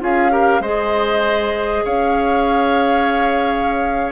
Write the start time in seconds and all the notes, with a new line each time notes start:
0.00 C#4 F4 G#4 F5
0.30 G4 A#4
0.60 G#3 G#4 C5 D#5
1.85 C#4 C#5 F5